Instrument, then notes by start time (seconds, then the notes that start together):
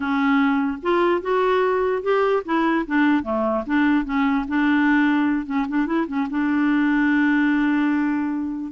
clarinet
0.00 C#4
0.82 F4
1.21 F#4
2.02 G4
2.45 E4
2.86 D4
3.23 A3
3.66 D4
4.04 C#4
4.48 D4
5.46 C#4
5.68 D4
5.86 E4
6.07 C#4
6.29 D4